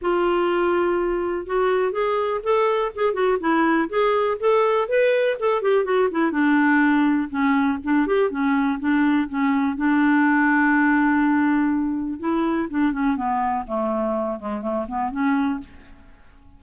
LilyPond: \new Staff \with { instrumentName = "clarinet" } { \time 4/4 \tempo 4 = 123 f'2. fis'4 | gis'4 a'4 gis'8 fis'8 e'4 | gis'4 a'4 b'4 a'8 g'8 | fis'8 e'8 d'2 cis'4 |
d'8 g'8 cis'4 d'4 cis'4 | d'1~ | d'4 e'4 d'8 cis'8 b4 | a4. gis8 a8 b8 cis'4 | }